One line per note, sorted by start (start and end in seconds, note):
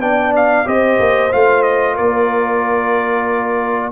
0.00 0.65 B3
0.00 0.65 D4
0.00 0.66 D5
0.00 0.34 G5
0.36 0.68 F5
0.65 1.00 C4
0.65 1.31 G4
0.65 1.95 C5
0.65 1.33 D#5
1.00 1.32 A#3
1.32 1.99 A3
1.32 3.93 F4
1.32 1.63 F5
1.63 1.96 D#5
1.95 3.93 A#3
1.95 3.90 A#4
1.95 3.93 D5